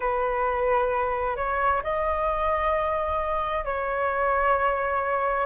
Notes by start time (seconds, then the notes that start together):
0.00 B4
1.36 C#5
1.83 D#5
3.64 C#5